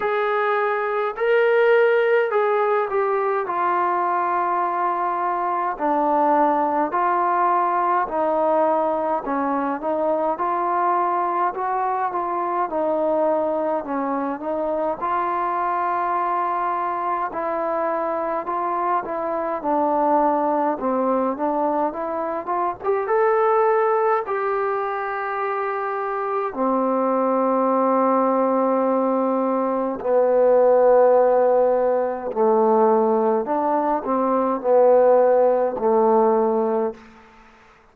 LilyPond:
\new Staff \with { instrumentName = "trombone" } { \time 4/4 \tempo 4 = 52 gis'4 ais'4 gis'8 g'8 f'4~ | f'4 d'4 f'4 dis'4 | cis'8 dis'8 f'4 fis'8 f'8 dis'4 | cis'8 dis'8 f'2 e'4 |
f'8 e'8 d'4 c'8 d'8 e'8 f'16 g'16 | a'4 g'2 c'4~ | c'2 b2 | a4 d'8 c'8 b4 a4 | }